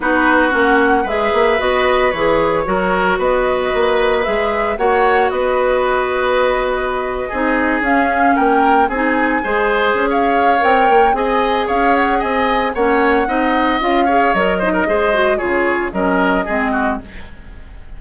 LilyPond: <<
  \new Staff \with { instrumentName = "flute" } { \time 4/4 \tempo 4 = 113 b'4 fis''4 e''4 dis''4 | cis''2 dis''2 | e''4 fis''4 dis''2~ | dis''2~ dis''8. f''4 g''16~ |
g''8. gis''2~ gis''16 f''4 | g''4 gis''4 f''8 fis''8 gis''4 | fis''2 f''4 dis''4~ | dis''4 cis''4 dis''2 | }
  \new Staff \with { instrumentName = "oboe" } { \time 4/4 fis'2 b'2~ | b'4 ais'4 b'2~ | b'4 cis''4 b'2~ | b'4.~ b'16 gis'2 ais'16~ |
ais'8. gis'4 c''4~ c''16 cis''4~ | cis''4 dis''4 cis''4 dis''4 | cis''4 dis''4. cis''4 c''16 ais'16 | c''4 gis'4 ais'4 gis'8 fis'8 | }
  \new Staff \with { instrumentName = "clarinet" } { \time 4/4 dis'4 cis'4 gis'4 fis'4 | gis'4 fis'2. | gis'4 fis'2.~ | fis'4.~ fis'16 dis'4 cis'4~ cis'16~ |
cis'8. dis'4 gis'2~ gis'16 | ais'4 gis'2. | cis'4 dis'4 f'8 gis'8 ais'8 dis'8 | gis'8 fis'8 f'4 cis'4 c'4 | }
  \new Staff \with { instrumentName = "bassoon" } { \time 4/4 b4 ais4 gis8 ais8 b4 | e4 fis4 b4 ais4 | gis4 ais4 b2~ | b4.~ b16 c'4 cis'4 ais16~ |
ais8. c'4 gis4 cis'4~ cis'16 | c'8 ais8 c'4 cis'4 c'4 | ais4 c'4 cis'4 fis4 | gis4 cis4 fis4 gis4 | }
>>